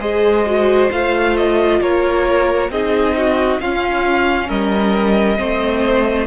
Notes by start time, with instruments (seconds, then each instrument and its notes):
0.00 cello G#3, viola G#4, violin C5 D#5
0.47 viola F#4
0.91 cello A3, viola F4, violin F5
1.37 violin D#5
1.81 cello A#3, violin A#4 C#5
2.70 cello C4, viola D#4, violin G#4 D#5
3.18 violin F#4
3.61 cello C#4, viola C#4, violin F4 F5
4.48 cello G3, violin A#4 D#5
5.37 cello A3, viola C4, violin C5